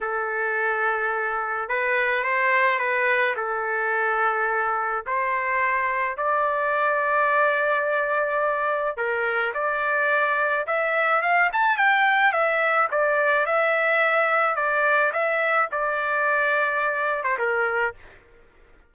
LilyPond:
\new Staff \with { instrumentName = "trumpet" } { \time 4/4 \tempo 4 = 107 a'2. b'4 | c''4 b'4 a'2~ | a'4 c''2 d''4~ | d''1 |
ais'4 d''2 e''4 | f''8 a''8 g''4 e''4 d''4 | e''2 d''4 e''4 | d''2~ d''8. c''16 ais'4 | }